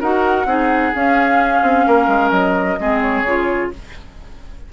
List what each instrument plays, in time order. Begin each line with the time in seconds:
0.00 bassoon D#4, clarinet F#4, oboe A#4, flute F#5
0.46 bassoon C4, clarinet D#4, oboe G#4
0.95 bassoon C#4, clarinet C#4, flute F5
1.62 bassoon C4
1.87 bassoon A#3, oboe A#4
2.07 bassoon G#3
2.31 bassoon F#3, flute D#5
2.80 bassoon G#3, clarinet C4, oboe G#4
3.02 flute C#5
3.22 bassoon C#3, clarinet F4